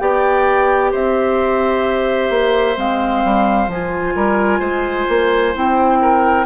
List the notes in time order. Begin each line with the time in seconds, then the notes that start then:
0.00 B3 G4 D5 G5
0.92 C4 C5 E5
2.30 A#3
2.76 G#3 C4 F5
3.25 G3
3.68 F3 F4 G#5
4.16 G3 A#4
4.60 G#3 C5
5.09 A#3
5.55 C4 E4 G5
6.02 A#4